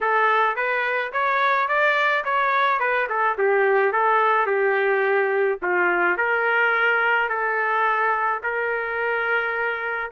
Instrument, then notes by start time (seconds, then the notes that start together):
trumpet
0.00 A4
0.56 B4
1.12 C#5
1.67 D5
2.24 C#5
2.79 B4
3.09 A4
3.37 G4
3.92 A4
4.46 G4
5.62 F4
6.17 A#4
7.29 A4
8.43 A#4